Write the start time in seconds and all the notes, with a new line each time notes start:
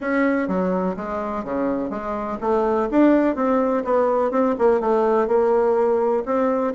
0.00 C#4
0.48 F#3
0.96 G#3
1.44 C#3
1.90 G#3
2.40 A3
2.90 D4
3.35 C4
3.84 B3
4.31 C4
4.58 A#3
4.80 A3
5.27 A#3
6.25 C4